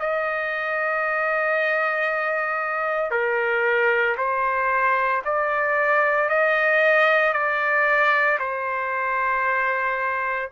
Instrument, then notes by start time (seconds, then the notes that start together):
trumpet
0.00 D#5
3.11 A#4
4.18 C5
5.25 D5
6.30 D#5
7.33 D5
8.40 C5